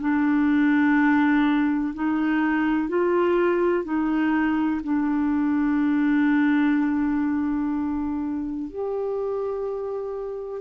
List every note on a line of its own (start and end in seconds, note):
0.00 1.94 D4
1.94 2.89 D#4
2.89 3.84 F4
3.84 4.81 D#4
4.83 8.70 D4
8.70 10.61 G4